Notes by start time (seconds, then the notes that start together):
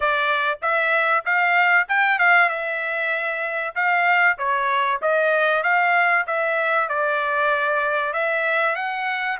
0.00 D5
0.61 E5
1.25 F5
1.88 G5
2.18 F5
2.49 E5
3.75 F5
4.38 C#5
5.01 D#5
5.62 F5
6.27 E5
6.89 D5
8.13 E5
8.75 F#5